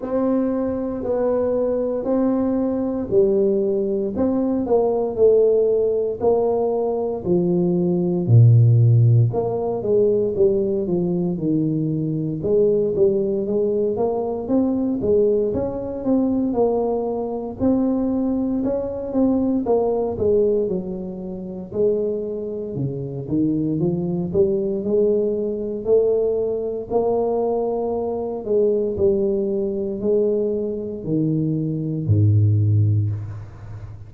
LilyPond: \new Staff \with { instrumentName = "tuba" } { \time 4/4 \tempo 4 = 58 c'4 b4 c'4 g4 | c'8 ais8 a4 ais4 f4 | ais,4 ais8 gis8 g8 f8 dis4 | gis8 g8 gis8 ais8 c'8 gis8 cis'8 c'8 |
ais4 c'4 cis'8 c'8 ais8 gis8 | fis4 gis4 cis8 dis8 f8 g8 | gis4 a4 ais4. gis8 | g4 gis4 dis4 gis,4 | }